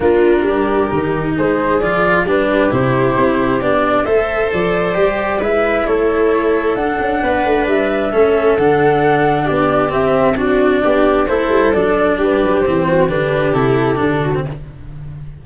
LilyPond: <<
  \new Staff \with { instrumentName = "flute" } { \time 4/4 \tempo 4 = 133 ais'2. c''4 | d''4 b'4 c''2 | d''4 e''4 d''2 | e''4 cis''2 fis''4~ |
fis''4 e''2 fis''4~ | fis''4 d''4 e''4 d''4~ | d''4 c''4 d''4 b'4 | c''4 b'4 a'2 | }
  \new Staff \with { instrumentName = "viola" } { \time 4/4 f'4 g'2 gis'4~ | gis'4 g'2.~ | g'4 c''2. | b'4 a'2. |
b'2 a'2~ | a'4 g'2 fis'4 | g'4 a'2 g'4~ | g'8 fis'8 g'2~ g'8 fis'8 | }
  \new Staff \with { instrumentName = "cello" } { \time 4/4 d'2 dis'2 | f'4 d'4 e'2 | d'4 a'2 g'4 | e'2. d'4~ |
d'2 cis'4 d'4~ | d'2 c'4 d'4~ | d'4 e'4 d'2 | c'4 d'4 e'4 d'8. c'16 | }
  \new Staff \with { instrumentName = "tuba" } { \time 4/4 ais4 g4 dis4 gis4 | f4 g4 c4 c'4 | b4 a4 f4 g4 | gis4 a2 d'8 cis'8 |
b8 a8 g4 a4 d4~ | d4 b4 c'2 | b4 a8 g8 fis4 g8 fis8 | e4 d4 c4 d4 | }
>>